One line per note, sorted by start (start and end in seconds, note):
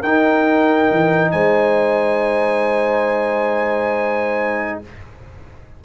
0.00 0.90 D#4
0.00 4.84 D#4
0.00 1.30 A#4
0.00 1.31 G5
0.91 1.33 E3
1.31 4.81 G#3
1.31 4.79 C5
1.31 4.79 G#5